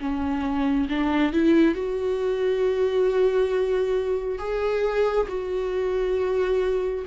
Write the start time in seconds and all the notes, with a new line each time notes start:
0.00 C#4
0.89 D4
1.33 E4
1.74 F#4
4.38 G#4
5.28 F#4